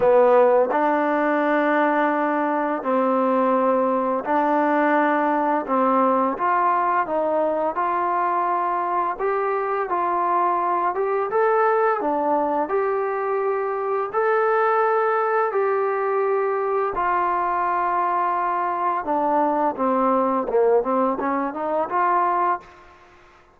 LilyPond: \new Staff \with { instrumentName = "trombone" } { \time 4/4 \tempo 4 = 85 b4 d'2. | c'2 d'2 | c'4 f'4 dis'4 f'4~ | f'4 g'4 f'4. g'8 |
a'4 d'4 g'2 | a'2 g'2 | f'2. d'4 | c'4 ais8 c'8 cis'8 dis'8 f'4 | }